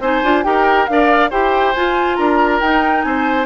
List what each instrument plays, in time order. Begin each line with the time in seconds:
0.00 bassoon C4, clarinet D#4, oboe C5, flute G#5
0.24 bassoon D4, clarinet F4
0.44 bassoon D#4, clarinet G4, oboe A#4, flute G5
0.87 bassoon D4, clarinet A#4, oboe D5, flute F5
1.30 bassoon E4, clarinet G4, oboe C5, flute G5
1.74 clarinet F4, bassoon F4, flute G#5
2.16 bassoon D4, oboe A#4, flute A#5
2.61 bassoon D#4, clarinet D#4, flute G5
3.03 bassoon C4, oboe C5, flute G#5